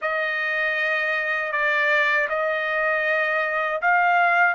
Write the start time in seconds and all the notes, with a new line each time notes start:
0.01 D#5
1.52 D5
2.29 D#5
3.81 F5